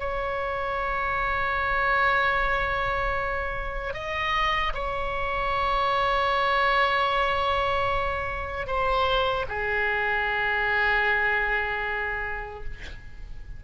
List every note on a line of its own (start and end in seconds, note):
0.00 3.94 C#5
3.94 4.73 D#5
4.74 8.67 C#5
8.67 9.46 C5
9.49 12.65 G#4